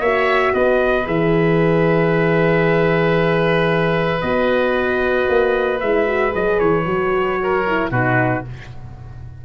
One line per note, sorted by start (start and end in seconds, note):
0.00 0.53 A#3
0.00 1.05 F#4
0.00 0.53 C#5
0.00 0.54 E5
0.54 1.07 B3
0.54 7.39 B4
0.54 1.07 D#5
1.05 4.23 E3
1.05 4.21 G#4
1.05 4.21 E5
4.21 5.28 B3
4.21 5.82 F#4
4.21 5.79 D#5
5.29 5.82 A#3
5.80 6.34 G#3
5.80 6.06 E4
5.80 6.33 E5
6.06 6.31 F#4
6.31 6.60 F#3
6.31 6.84 G#4
6.31 6.59 D#5
6.59 6.86 E3
6.59 7.91 C#5
6.85 7.91 F#3
6.85 7.64 F#4
7.43 7.91 A#4
7.67 7.93 E4
7.91 8.44 B2
7.91 8.45 D#4
7.91 8.44 F#4
7.91 8.45 B4